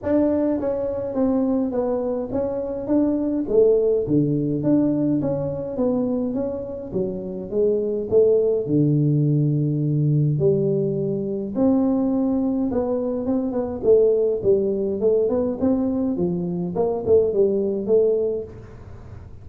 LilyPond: \new Staff \with { instrumentName = "tuba" } { \time 4/4 \tempo 4 = 104 d'4 cis'4 c'4 b4 | cis'4 d'4 a4 d4 | d'4 cis'4 b4 cis'4 | fis4 gis4 a4 d4~ |
d2 g2 | c'2 b4 c'8 b8 | a4 g4 a8 b8 c'4 | f4 ais8 a8 g4 a4 | }